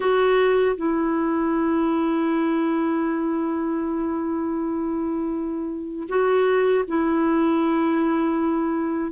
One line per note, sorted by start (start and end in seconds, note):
0.00 0.76 F#4
0.76 6.07 E4
6.08 6.84 F#4
6.87 9.12 E4